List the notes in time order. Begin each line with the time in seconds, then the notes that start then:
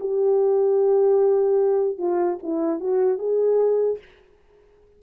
0.00 G4
1.98 F4
2.43 E4
2.80 F#4
3.18 G#4